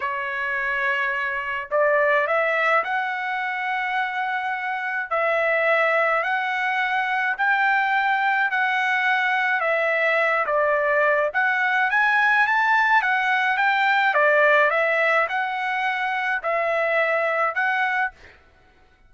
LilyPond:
\new Staff \with { instrumentName = "trumpet" } { \time 4/4 \tempo 4 = 106 cis''2. d''4 | e''4 fis''2.~ | fis''4 e''2 fis''4~ | fis''4 g''2 fis''4~ |
fis''4 e''4. d''4. | fis''4 gis''4 a''4 fis''4 | g''4 d''4 e''4 fis''4~ | fis''4 e''2 fis''4 | }